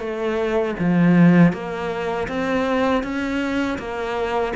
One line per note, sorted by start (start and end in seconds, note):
0.00 0.75 A3
0.79 1.53 F3
1.53 2.28 A#3
2.28 3.03 C4
3.03 3.78 C#4
3.79 4.54 A#3